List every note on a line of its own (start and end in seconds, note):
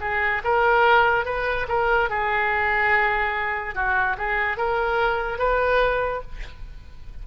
0.00 0.42 G#4
0.44 1.25 A#4
1.25 1.67 B4
1.69 2.10 A#4
2.10 3.75 G#4
3.75 4.16 F#4
4.18 4.57 G#4
4.57 5.38 A#4
5.38 6.22 B4